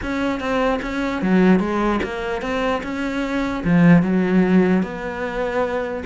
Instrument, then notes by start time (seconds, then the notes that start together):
cello
0.02 C#4
0.39 C4
0.82 C#4
1.22 F#3
1.59 G#3
2.03 A#3
2.41 C4
2.83 C#4
3.64 F3
4.02 F#3
4.82 B3